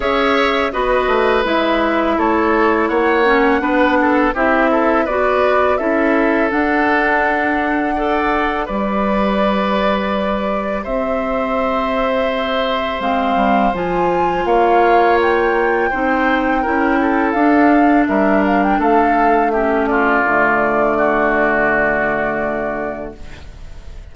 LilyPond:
<<
  \new Staff \with { instrumentName = "flute" } { \time 4/4 \tempo 4 = 83 e''4 dis''4 e''4 cis''4 | fis''2 e''4 d''4 | e''4 fis''2. | d''2. e''4~ |
e''2 f''4 gis''4 | f''4 g''2. | f''4 e''8 f''16 g''16 f''4 e''8 d''8~ | d''1 | }
  \new Staff \with { instrumentName = "oboe" } { \time 4/4 cis''4 b'2 a'4 | cis''4 b'8 a'8 g'8 a'8 b'4 | a'2. d''4 | b'2. c''4~ |
c''1 | cis''2 c''4 ais'8 a'8~ | a'4 ais'4 a'4 g'8 f'8~ | f'4 fis'2. | }
  \new Staff \with { instrumentName = "clarinet" } { \time 4/4 gis'4 fis'4 e'2~ | e'8 cis'8 d'4 e'4 fis'4 | e'4 d'2 a'4 | g'1~ |
g'2 c'4 f'4~ | f'2 dis'4 e'4 | d'2. cis'4 | a1 | }
  \new Staff \with { instrumentName = "bassoon" } { \time 4/4 cis'4 b8 a8 gis4 a4 | ais4 b4 c'4 b4 | cis'4 d'2. | g2. c'4~ |
c'2 gis8 g8 f4 | ais2 c'4 cis'4 | d'4 g4 a2 | d1 | }
>>